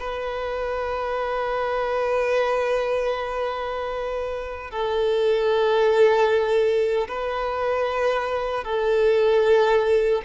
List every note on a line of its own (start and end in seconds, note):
0.00 4.71 B4
4.71 7.08 A4
7.08 8.64 B4
8.64 10.22 A4